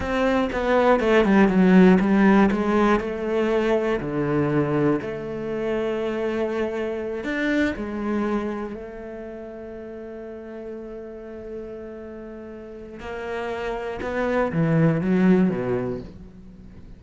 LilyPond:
\new Staff \with { instrumentName = "cello" } { \time 4/4 \tempo 4 = 120 c'4 b4 a8 g8 fis4 | g4 gis4 a2 | d2 a2~ | a2~ a8 d'4 gis8~ |
gis4. a2~ a8~ | a1~ | a2 ais2 | b4 e4 fis4 b,4 | }